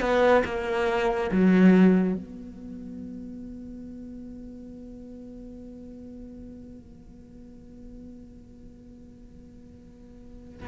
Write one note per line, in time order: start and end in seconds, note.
0.00 0.43 B3
0.44 1.30 A#3
1.31 2.14 F#3
2.14 10.68 B3